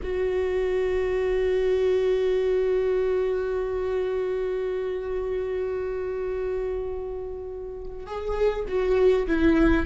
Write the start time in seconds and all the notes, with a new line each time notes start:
0.03 F#4
8.06 G#4
8.68 F#4
9.27 E4